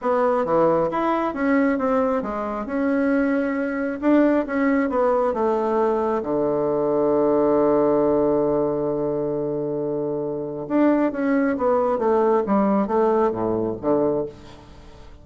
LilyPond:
\new Staff \with { instrumentName = "bassoon" } { \time 4/4 \tempo 4 = 135 b4 e4 e'4 cis'4 | c'4 gis4 cis'2~ | cis'4 d'4 cis'4 b4 | a2 d2~ |
d1~ | d1 | d'4 cis'4 b4 a4 | g4 a4 a,4 d4 | }